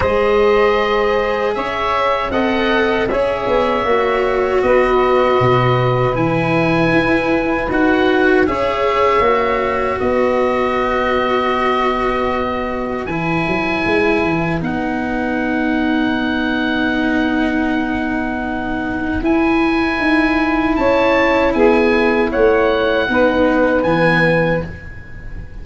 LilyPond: <<
  \new Staff \with { instrumentName = "oboe" } { \time 4/4 \tempo 4 = 78 dis''2 e''4 fis''4 | e''2 dis''2 | gis''2 fis''4 e''4~ | e''4 dis''2.~ |
dis''4 gis''2 fis''4~ | fis''1~ | fis''4 gis''2 a''4 | gis''4 fis''2 gis''4 | }
  \new Staff \with { instrumentName = "saxophone" } { \time 4/4 c''2 cis''4 dis''4 | cis''2 b'2~ | b'2. cis''4~ | cis''4 b'2.~ |
b'1~ | b'1~ | b'2. cis''4 | gis'4 cis''4 b'2 | }
  \new Staff \with { instrumentName = "cello" } { \time 4/4 gis'2. a'4 | gis'4 fis'2. | e'2 fis'4 gis'4 | fis'1~ |
fis'4 e'2 dis'4~ | dis'1~ | dis'4 e'2.~ | e'2 dis'4 b4 | }
  \new Staff \with { instrumentName = "tuba" } { \time 4/4 gis2 cis'4 c'4 | cis'8 b8 ais4 b4 b,4 | e4 e'4 dis'4 cis'4 | ais4 b2.~ |
b4 e8 fis8 gis8 e8 b4~ | b1~ | b4 e'4 dis'4 cis'4 | b4 a4 b4 e4 | }
>>